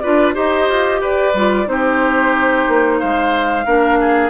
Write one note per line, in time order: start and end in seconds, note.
0.00 0.37 D4
0.00 0.34 F4
0.00 0.34 B4
0.00 0.33 D5
0.34 0.69 D#4
0.34 1.33 G4
0.34 1.00 C5
0.34 1.02 D#5
0.69 1.00 F4
1.00 1.33 G4
1.00 1.67 B4
1.00 1.68 D5
1.34 1.67 G3
1.34 1.66 F4
1.66 2.66 C4
1.66 3.63 D#4
1.66 2.99 G4
1.66 3.00 C5
2.68 3.01 A#3
2.99 3.66 G#3
2.99 3.65 C5
2.99 4.30 F5
3.66 4.30 A#3
3.66 4.30 D4
3.66 3.99 A#4
4.00 4.30 G#4